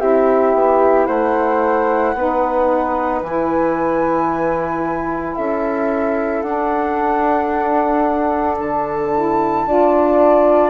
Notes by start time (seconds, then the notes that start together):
0.00 C4 E4 G4 E5
0.54 B3
1.06 A3 C5 F#5
2.15 B3 D#4 B4
3.22 E3 E4 G#5
5.36 C#4 A4 E5
6.42 D4 F#5
8.58 D3 A5
9.14 E4
9.66 D4 F4 D5